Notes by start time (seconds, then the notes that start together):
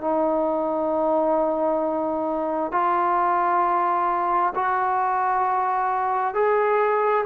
0.00 D#4
2.71 F4
4.55 F#4
6.34 G#4